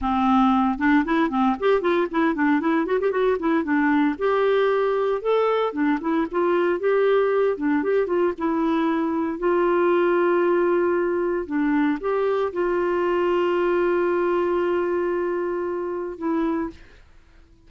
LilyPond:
\new Staff \with { instrumentName = "clarinet" } { \time 4/4 \tempo 4 = 115 c'4. d'8 e'8 c'8 g'8 f'8 | e'8 d'8 e'8 fis'16 g'16 fis'8 e'8 d'4 | g'2 a'4 d'8 e'8 | f'4 g'4. d'8 g'8 f'8 |
e'2 f'2~ | f'2 d'4 g'4 | f'1~ | f'2. e'4 | }